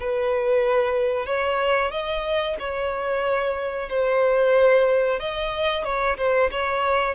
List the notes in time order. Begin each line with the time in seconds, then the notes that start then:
0.00 B4
1.26 C#5
1.91 D#5
2.59 C#5
3.89 C5
5.20 D#5
5.84 C#5
6.17 C5
6.52 C#5